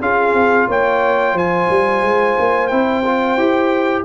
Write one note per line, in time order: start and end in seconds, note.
0.00 0.34 C#4
0.00 2.71 F4
0.00 0.68 G#4
0.00 0.70 F5
0.34 0.68 C4
0.68 1.34 A#3
0.68 1.34 C#5
0.68 1.38 G5
1.34 1.67 F3
1.34 4.04 C5
1.34 2.68 G#5
1.70 2.03 G3
2.03 2.36 G#3
2.39 2.72 A#3
2.68 3.37 C4
2.68 3.04 E4
2.68 4.02 G5
3.05 3.38 F4
3.37 4.05 E4
3.37 4.05 G4